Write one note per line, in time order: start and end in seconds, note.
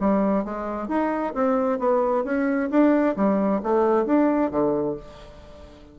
0.00 0.45 G3
0.45 0.88 G#3
0.88 1.34 D#4
1.34 1.79 C4
1.79 2.24 B3
2.24 2.70 C#4
2.70 3.16 D4
3.16 3.62 G3
3.63 4.06 A3
4.06 4.51 D4
4.51 4.96 D3